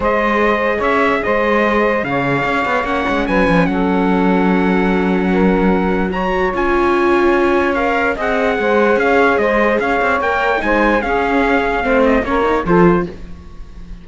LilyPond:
<<
  \new Staff \with { instrumentName = "trumpet" } { \time 4/4 \tempo 4 = 147 dis''2 e''4 dis''4~ | dis''4 f''2 fis''4 | gis''4 fis''2.~ | fis''2. ais''4 |
gis''2. f''4 | fis''2 f''4 dis''4 | f''4 g''4 gis''4 f''4~ | f''4. dis''8 cis''4 c''4 | }
  \new Staff \with { instrumentName = "saxophone" } { \time 4/4 c''2 cis''4 c''4~ | c''4 cis''2. | b'4 a'2.~ | a'4 ais'2 cis''4~ |
cis''1 | dis''4 c''4 cis''4 c''4 | cis''2 c''4 gis'4~ | gis'4 c''4 ais'4 a'4 | }
  \new Staff \with { instrumentName = "viola" } { \time 4/4 gis'1~ | gis'2. cis'4~ | cis'1~ | cis'2. fis'4 |
f'2. ais'4 | gis'1~ | gis'4 ais'4 dis'4 cis'4~ | cis'4 c'4 cis'8 dis'8 f'4 | }
  \new Staff \with { instrumentName = "cello" } { \time 4/4 gis2 cis'4 gis4~ | gis4 cis4 cis'8 b8 ais8 gis8 | fis8 f8 fis2.~ | fis1 |
cis'1 | c'4 gis4 cis'4 gis4 | cis'8 c'8 ais4 gis4 cis'4~ | cis'4 a4 ais4 f4 | }
>>